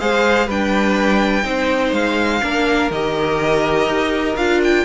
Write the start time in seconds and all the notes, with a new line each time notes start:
0.00 G#3 G#4 C5 F5
0.46 G3 D4 B4 G5
1.43 C4 D#4 C5
1.92 G#3 F5
2.42 A#3 D4 A#4
2.90 D#3 G4 D#5
3.87 D#4
4.36 D4 F4 F5
4.63 G5